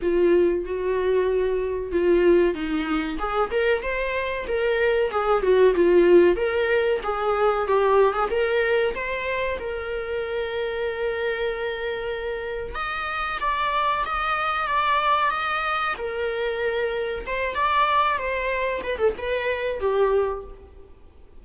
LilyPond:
\new Staff \with { instrumentName = "viola" } { \time 4/4 \tempo 4 = 94 f'4 fis'2 f'4 | dis'4 gis'8 ais'8 c''4 ais'4 | gis'8 fis'8 f'4 ais'4 gis'4 | g'8. gis'16 ais'4 c''4 ais'4~ |
ais'1 | dis''4 d''4 dis''4 d''4 | dis''4 ais'2 c''8 d''8~ | d''8 c''4 b'16 a'16 b'4 g'4 | }